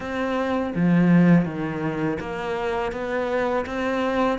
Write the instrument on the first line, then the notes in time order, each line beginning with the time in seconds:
cello
0.00 C4
0.75 F3
1.45 D#3
2.20 A#3
2.92 B3
3.66 C4